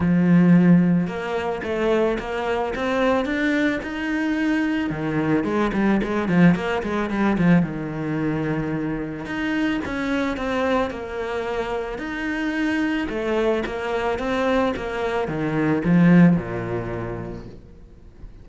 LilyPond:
\new Staff \with { instrumentName = "cello" } { \time 4/4 \tempo 4 = 110 f2 ais4 a4 | ais4 c'4 d'4 dis'4~ | dis'4 dis4 gis8 g8 gis8 f8 | ais8 gis8 g8 f8 dis2~ |
dis4 dis'4 cis'4 c'4 | ais2 dis'2 | a4 ais4 c'4 ais4 | dis4 f4 ais,2 | }